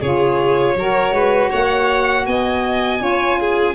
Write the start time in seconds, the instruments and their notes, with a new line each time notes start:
0.00 tuba C#3, saxophone F4, violin G#4 C#5
0.75 tuba F#3, saxophone F#4, violin A#4
1.11 tuba G#3, violin B4
1.49 tuba A#3, violin C#5 F#5
2.26 tuba B3, violin D#5 G#5
2.98 tuba C#4, saxophone F4, violin C#5
3.39 violin G#4